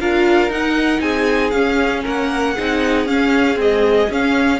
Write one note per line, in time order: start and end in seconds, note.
0.00 0.49 D4
0.00 0.50 F4
0.00 1.01 A#4
0.00 0.51 F5
0.49 1.00 D#4
0.49 1.52 D#4
0.49 1.01 F#5
1.01 1.52 C4
1.01 2.03 G#4
1.01 1.50 G#5
1.50 2.04 C#4
1.50 2.56 C#4
1.50 2.01 F5
2.03 2.57 A#3
2.03 2.54 A#4
2.03 3.07 F#5
2.54 3.06 C4
2.54 3.07 D#4
2.54 4.59 G#4
3.06 3.55 C#4
3.06 3.58 C#4
3.06 3.58 F5
3.55 4.10 G#3
3.55 4.07 C4
3.55 4.12 D#5
4.10 4.60 C#4
4.10 4.60 F5